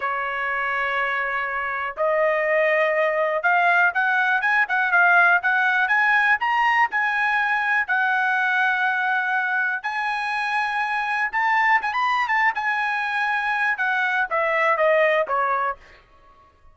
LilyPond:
\new Staff \with { instrumentName = "trumpet" } { \time 4/4 \tempo 4 = 122 cis''1 | dis''2. f''4 | fis''4 gis''8 fis''8 f''4 fis''4 | gis''4 ais''4 gis''2 |
fis''1 | gis''2. a''4 | gis''16 b''8. a''8 gis''2~ gis''8 | fis''4 e''4 dis''4 cis''4 | }